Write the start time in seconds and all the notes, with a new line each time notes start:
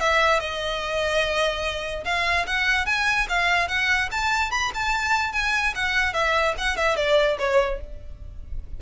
0.00 E5
0.40 D#5
2.04 F5
2.46 F#5
2.86 G#5
3.29 F5
3.68 F#5
4.11 A5
4.51 B5
4.74 A5
5.32 G#5
5.75 F#5
6.13 E5
6.57 F#5
6.76 E5
6.96 D5
7.39 C#5